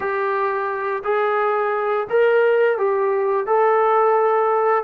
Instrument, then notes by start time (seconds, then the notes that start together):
trombone
0.00 G4
1.04 G#4
2.09 A#4
2.77 G4
3.46 A4